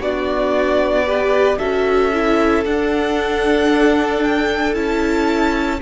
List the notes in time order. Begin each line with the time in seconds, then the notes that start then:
0.00 B3 D4 F#4 D5
1.06 G4 B4
1.58 C#4 F#4 A4 E5
2.13 E4
2.65 D4 F#5
4.23 G5
4.74 C#4 E4 A5